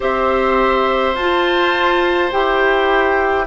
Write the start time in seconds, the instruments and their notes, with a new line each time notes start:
0.00 bassoon C4, clarinet G4, oboe C5, flute E5
1.14 bassoon F4, clarinet F4, flute A5
2.31 bassoon E4, clarinet G4, flute G5